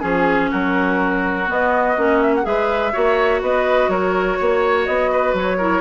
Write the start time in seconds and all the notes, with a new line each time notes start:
0.00 F3 C#4 G#4
0.51 F#3 F#4 A#4
1.47 B3 D#5
1.97 A#3 C#4
2.22 E5
2.35 F#5
2.43 G#3 G#4 B4 E5
2.93 A#3 F#4 C#5
3.42 B3 B4 D#5
3.89 F#3 A#4 C#5
4.39 A#3 C#5
4.86 B3 D#5
5.12 B4
5.34 F#3 C#5
5.58 E4 A#4